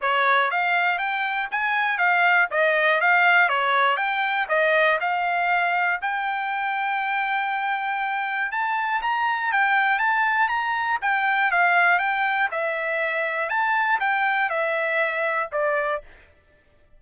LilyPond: \new Staff \with { instrumentName = "trumpet" } { \time 4/4 \tempo 4 = 120 cis''4 f''4 g''4 gis''4 | f''4 dis''4 f''4 cis''4 | g''4 dis''4 f''2 | g''1~ |
g''4 a''4 ais''4 g''4 | a''4 ais''4 g''4 f''4 | g''4 e''2 a''4 | g''4 e''2 d''4 | }